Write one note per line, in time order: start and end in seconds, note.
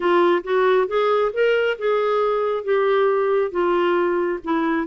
0.00 0.42 F4
0.43 0.87 F#4
0.87 1.31 G#4
1.33 1.77 A#4
1.78 2.64 G#4
2.64 3.51 G4
3.51 4.39 F4
4.43 4.87 E4